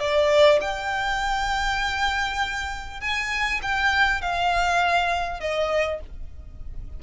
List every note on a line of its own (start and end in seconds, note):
0.00 0.60 D5
0.61 3.01 G5
3.01 3.61 G#5
3.62 4.22 G5
4.22 5.40 F5
5.40 6.00 D#5